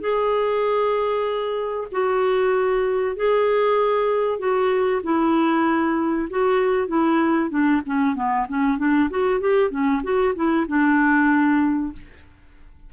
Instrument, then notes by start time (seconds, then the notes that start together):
clarinet
0.00 G#4
1.91 F#4
3.16 G#4
4.39 F#4
5.03 E4
6.30 F#4
6.87 E4
7.50 D4
7.86 C#4
8.15 B3
8.48 C#4
8.78 D4
9.10 F#4
9.40 G4
9.70 C#4
10.03 F#4
10.35 E4
10.67 D4